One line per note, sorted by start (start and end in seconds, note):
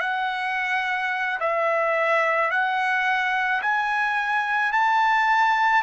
0.00 1.39 F#5
1.40 2.51 E5
2.51 3.62 F#5
3.62 4.73 G#5
4.73 5.82 A5